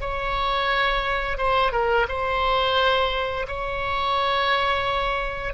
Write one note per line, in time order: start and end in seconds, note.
0.00 1.38 C#5
1.38 1.72 C5
1.72 2.06 A#4
2.08 3.46 C5
3.47 5.54 C#5